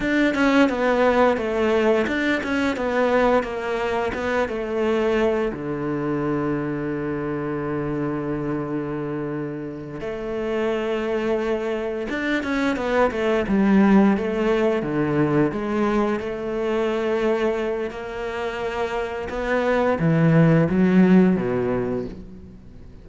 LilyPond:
\new Staff \with { instrumentName = "cello" } { \time 4/4 \tempo 4 = 87 d'8 cis'8 b4 a4 d'8 cis'8 | b4 ais4 b8 a4. | d1~ | d2~ d8 a4.~ |
a4. d'8 cis'8 b8 a8 g8~ | g8 a4 d4 gis4 a8~ | a2 ais2 | b4 e4 fis4 b,4 | }